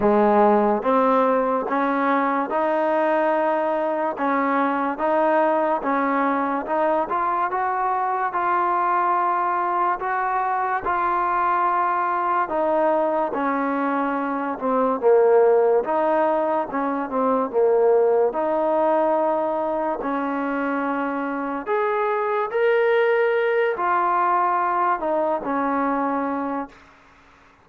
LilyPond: \new Staff \with { instrumentName = "trombone" } { \time 4/4 \tempo 4 = 72 gis4 c'4 cis'4 dis'4~ | dis'4 cis'4 dis'4 cis'4 | dis'8 f'8 fis'4 f'2 | fis'4 f'2 dis'4 |
cis'4. c'8 ais4 dis'4 | cis'8 c'8 ais4 dis'2 | cis'2 gis'4 ais'4~ | ais'8 f'4. dis'8 cis'4. | }